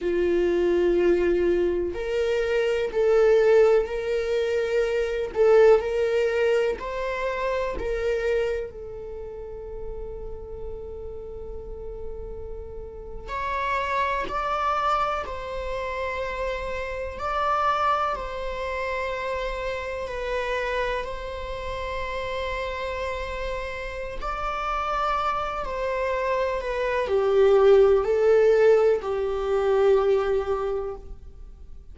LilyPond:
\new Staff \with { instrumentName = "viola" } { \time 4/4 \tempo 4 = 62 f'2 ais'4 a'4 | ais'4. a'8 ais'4 c''4 | ais'4 a'2.~ | a'4.~ a'16 cis''4 d''4 c''16~ |
c''4.~ c''16 d''4 c''4~ c''16~ | c''8. b'4 c''2~ c''16~ | c''4 d''4. c''4 b'8 | g'4 a'4 g'2 | }